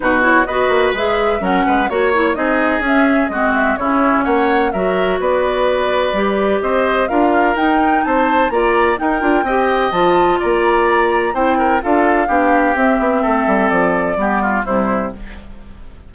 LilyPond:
<<
  \new Staff \with { instrumentName = "flute" } { \time 4/4 \tempo 4 = 127 b'8 cis''8 dis''4 e''4 fis''4 | cis''4 dis''4 e''4 dis''8 e''8 | cis''4 fis''4 e''4 d''4~ | d''2 dis''4 f''4 |
g''4 a''4 ais''4 g''4~ | g''4 a''4 ais''2 | g''4 f''2 e''4~ | e''4 d''2 c''4 | }
  \new Staff \with { instrumentName = "oboe" } { \time 4/4 fis'4 b'2 ais'8 b'8 | cis''4 gis'2 fis'4 | e'4 cis''4 ais'4 b'4~ | b'2 c''4 ais'4~ |
ais'4 c''4 d''4 ais'4 | dis''2 d''2 | c''8 ais'8 a'4 g'2 | a'2 g'8 f'8 e'4 | }
  \new Staff \with { instrumentName = "clarinet" } { \time 4/4 dis'8 e'8 fis'4 gis'4 cis'4 | fis'8 e'8 dis'4 cis'4 c'4 | cis'2 fis'2~ | fis'4 g'2 f'4 |
dis'2 f'4 dis'8 f'8 | g'4 f'2. | e'4 f'4 d'4 c'4~ | c'2 b4 g4 | }
  \new Staff \with { instrumentName = "bassoon" } { \time 4/4 b,4 b8 ais8 gis4 fis8 gis8 | ais4 c'4 cis'4 gis4 | cis4 ais4 fis4 b4~ | b4 g4 c'4 d'4 |
dis'4 c'4 ais4 dis'8 d'8 | c'4 f4 ais2 | c'4 d'4 b4 c'8 b8 | a8 g8 f4 g4 c4 | }
>>